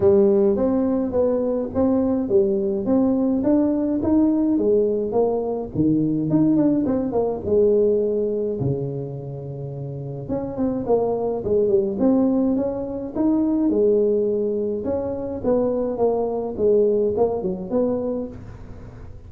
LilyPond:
\new Staff \with { instrumentName = "tuba" } { \time 4/4 \tempo 4 = 105 g4 c'4 b4 c'4 | g4 c'4 d'4 dis'4 | gis4 ais4 dis4 dis'8 d'8 | c'8 ais8 gis2 cis4~ |
cis2 cis'8 c'8 ais4 | gis8 g8 c'4 cis'4 dis'4 | gis2 cis'4 b4 | ais4 gis4 ais8 fis8 b4 | }